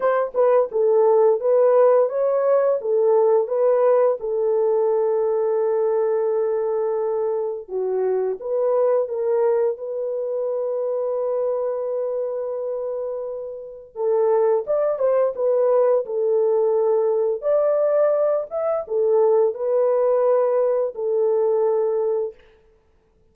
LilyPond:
\new Staff \with { instrumentName = "horn" } { \time 4/4 \tempo 4 = 86 c''8 b'8 a'4 b'4 cis''4 | a'4 b'4 a'2~ | a'2. fis'4 | b'4 ais'4 b'2~ |
b'1 | a'4 d''8 c''8 b'4 a'4~ | a'4 d''4. e''8 a'4 | b'2 a'2 | }